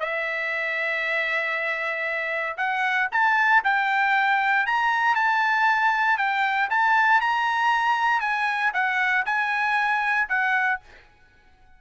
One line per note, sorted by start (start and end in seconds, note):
0.00 2.56 E5
2.57 3.08 F#5
3.12 3.63 A5
3.64 4.66 G5
4.66 5.15 A#5
5.15 6.17 A5
6.17 6.69 G5
6.70 7.21 A5
7.21 8.21 A#5
8.21 8.72 G#5
8.74 9.25 F#5
9.26 10.28 G#5
10.29 10.80 F#5